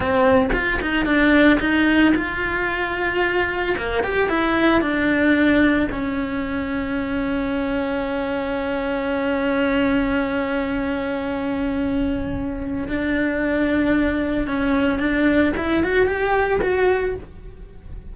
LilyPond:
\new Staff \with { instrumentName = "cello" } { \time 4/4 \tempo 4 = 112 c'4 f'8 dis'8 d'4 dis'4 | f'2. ais8 g'8 | e'4 d'2 cis'4~ | cis'1~ |
cis'1~ | cis'1 | d'2. cis'4 | d'4 e'8 fis'8 g'4 fis'4 | }